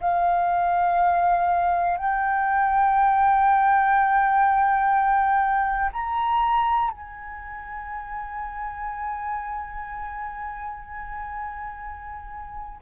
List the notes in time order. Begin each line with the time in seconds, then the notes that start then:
0.00 F5
1.97 G5
5.92 A#5
6.91 G#5